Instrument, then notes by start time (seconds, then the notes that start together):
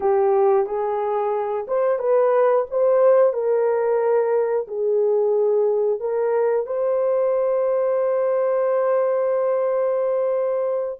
horn
0.00 G4
0.66 G#4
1.67 C5
1.98 B4
2.70 C5
3.33 A#4
4.67 G#4
6.00 A#4
6.66 C5